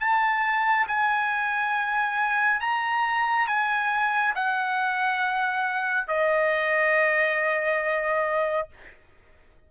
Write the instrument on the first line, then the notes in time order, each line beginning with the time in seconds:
trumpet
0.00 A5
0.88 G#5
2.60 A#5
3.47 G#5
4.35 F#5
6.08 D#5